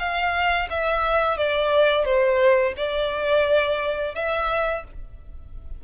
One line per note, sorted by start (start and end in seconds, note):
0.00 0.69 F5
0.70 1.38 E5
1.38 2.05 D5
2.05 2.74 C5
2.77 4.15 D5
4.15 4.84 E5